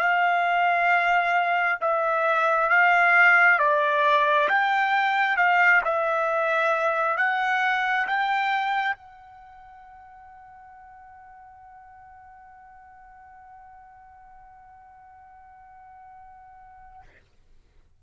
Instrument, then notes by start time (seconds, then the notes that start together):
trumpet
0.00 F5
1.81 E5
2.69 F5
3.59 D5
4.49 G5
5.37 F5
5.85 E5
7.17 F#5
8.08 G5
8.96 F#5